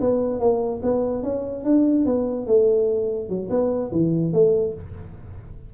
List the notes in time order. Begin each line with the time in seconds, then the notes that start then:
0.00 B3
0.40 A#3
0.82 B3
1.23 C#4
1.64 D4
2.05 B3
2.47 A3
3.29 F#3
3.50 B3
3.92 E3
4.33 A3